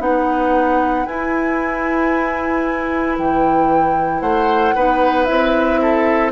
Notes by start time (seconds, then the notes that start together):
0.00 B3 D#4 B4 F#5
1.06 E4 G#5
3.19 E3 G5
4.21 A3 C5 F#5
4.76 B3 D#4 B4
5.25 C4 E4 E5
5.82 A4